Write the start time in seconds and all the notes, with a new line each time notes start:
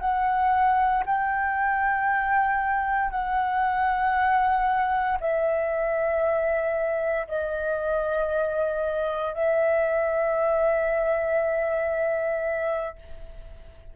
0.00 F#5
1.06 G5
3.11 F#5
5.20 E5
7.27 D#5
9.34 E5